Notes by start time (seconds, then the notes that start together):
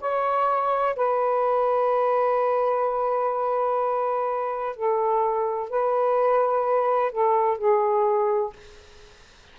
0.00 C#5
0.95 B4
4.76 A4
5.70 B4
7.11 A4
7.58 G#4